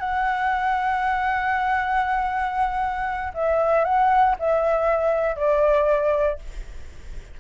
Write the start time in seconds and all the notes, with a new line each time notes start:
0.00 F#5
3.35 E5
3.85 F#5
4.40 E5
5.37 D5